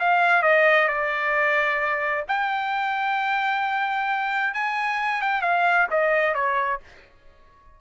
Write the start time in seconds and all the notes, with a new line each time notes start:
0.00 F5
0.43 D#5
0.88 D5
2.28 G5
4.54 G#5
5.22 G5
5.42 F5
5.90 D#5
6.35 C#5